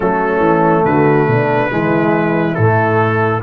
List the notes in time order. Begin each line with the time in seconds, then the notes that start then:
0.00 F#3 A3 C#4 A4
0.39 E3
0.84 D3 F#4 B4
1.27 B2 D4
1.70 E3 G#3 E4
2.54 A2 A3 A4